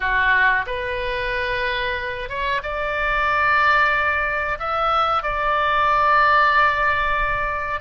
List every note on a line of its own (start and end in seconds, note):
0.00 0.65 F#4
0.66 2.29 B4
2.29 2.61 C#5
2.62 4.58 D5
4.59 5.22 E5
5.22 7.80 D5